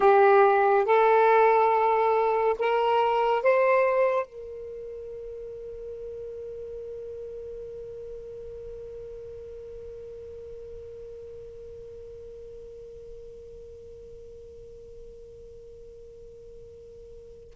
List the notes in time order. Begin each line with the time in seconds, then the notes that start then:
0.00 G4
0.85 A4
2.58 A#4
3.42 C5
4.25 A#4